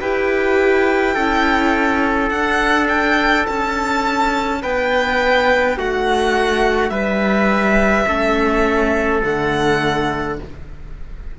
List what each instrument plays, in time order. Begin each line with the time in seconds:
0.00 cello E4, viola G4, trumpet B4, violin G5
1.14 cello C#4, viola E4, trumpet A4
2.29 cello D4, viola D4, violin F#5
2.88 violin G5
3.46 cello C#4, violin A5
4.62 cello B3, trumpet B4, violin G5
5.77 cello A3, trumpet F#4, violin F#5
6.89 cello G3, trumpet B4, violin E5
8.06 cello A3, viola C#4, trumpet A4
9.22 cello D3, viola A3, violin F#5